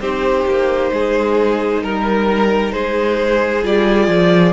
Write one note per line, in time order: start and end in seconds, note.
0.00 0.45 C4
0.00 3.62 D#4
0.00 0.91 G4
0.00 1.83 C5
0.46 0.91 A#3
0.91 1.82 G#3
0.91 1.83 G#4
1.82 2.73 G3
1.82 2.72 A#4
1.82 2.73 A#4
2.72 3.63 G#3
2.72 4.52 G#4
2.72 3.63 C5
3.62 4.08 G3
3.62 4.52 F4
3.62 4.52 D5
4.08 4.52 F3